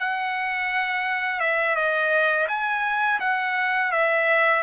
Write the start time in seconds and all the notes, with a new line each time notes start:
0.00 F#5
1.40 E5
1.76 D#5
2.48 G#5
3.20 F#5
3.92 E5